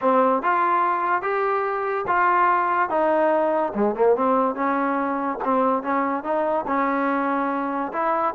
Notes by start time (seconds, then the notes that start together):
0.01 C4
0.42 F4
1.21 G4
2.07 F4
2.89 D#4
3.74 G#3
3.95 A#3
4.16 C4
4.55 C#4
5.44 C4
5.83 C#4
6.23 D#4
6.67 C#4
7.92 E4